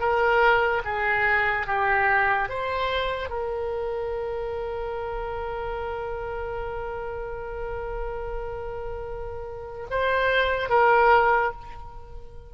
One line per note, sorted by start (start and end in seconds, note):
0.00 0.82 A#4
0.85 1.67 G#4
1.67 2.49 G4
2.50 3.30 C5
3.30 9.87 A#4
9.90 10.70 C5
10.70 11.52 A#4